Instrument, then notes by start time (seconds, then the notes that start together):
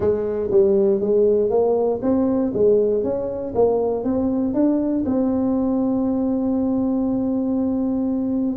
tuba
0.00 G#3
0.51 G3
1.00 G#3
1.50 A#3
2.02 C4
2.53 G#3
3.03 C#4
3.54 A#3
4.03 C4
4.54 D4
5.05 C4